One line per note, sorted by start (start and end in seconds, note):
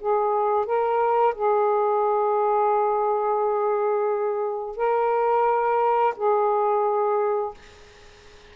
0.00 0.66 G#4
0.66 1.35 A#4
1.35 4.77 G#4
4.77 6.15 A#4
6.17 7.55 G#4